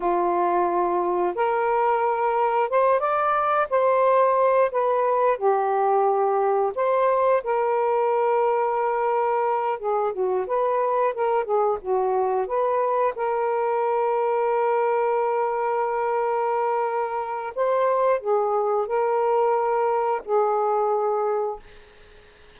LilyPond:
\new Staff \with { instrumentName = "saxophone" } { \time 4/4 \tempo 4 = 89 f'2 ais'2 | c''8 d''4 c''4. b'4 | g'2 c''4 ais'4~ | ais'2~ ais'8 gis'8 fis'8 b'8~ |
b'8 ais'8 gis'8 fis'4 b'4 ais'8~ | ais'1~ | ais'2 c''4 gis'4 | ais'2 gis'2 | }